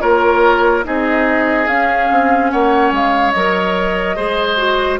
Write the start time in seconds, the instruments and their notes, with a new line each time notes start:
0.00 bassoon A#3, clarinet F4, oboe A#4, flute C#5
0.83 bassoon C4, clarinet D#4, oboe G#4, flute D#5
1.67 bassoon C#4, clarinet C#4, flute F5
2.11 bassoon C4
2.51 bassoon A#3, oboe C#5, flute F#5
2.91 bassoon G#3, flute F5
3.31 bassoon F#3, clarinet A#4, flute D#5
4.16 bassoon G#3, clarinet G#4, oboe C5
4.57 clarinet F#4